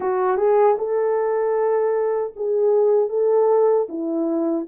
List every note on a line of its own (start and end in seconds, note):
0.00 0.37 F#4
0.37 0.76 G#4
0.78 2.33 A4
2.36 3.09 G#4
3.09 3.87 A4
3.89 4.66 E4